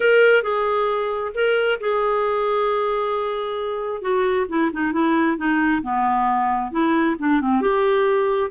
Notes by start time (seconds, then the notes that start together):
0.00 A#4
0.42 G#4
1.34 A#4
1.80 G#4
4.01 F#4
4.48 E4
4.72 D#4
4.92 E4
5.37 D#4
5.82 B3
6.71 E4
7.18 D4
7.41 C4
7.61 G4